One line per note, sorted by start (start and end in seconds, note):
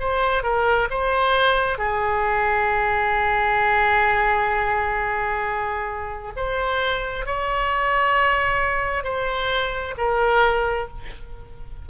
0.00 0.43 C5
0.43 0.89 A#4
0.90 1.79 C5
1.79 6.33 G#4
6.37 7.26 C5
7.26 9.04 C#5
9.04 9.95 C5
9.98 10.88 A#4